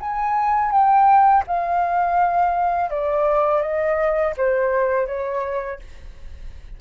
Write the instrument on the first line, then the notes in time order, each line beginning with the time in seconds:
flute
0.00 G#5
0.71 G5
1.47 F5
2.90 D5
3.61 D#5
4.37 C5
5.07 C#5